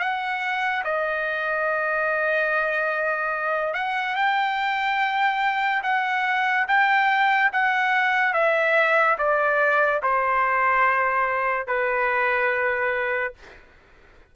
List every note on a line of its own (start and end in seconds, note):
0.00 0.83 F#5
0.84 3.74 D#5
3.74 4.16 F#5
4.16 5.83 G5
5.84 6.67 F#5
6.68 7.52 G5
7.53 8.34 F#5
8.34 9.17 E5
9.19 10.02 D5
10.03 11.67 C5
11.67 13.34 B4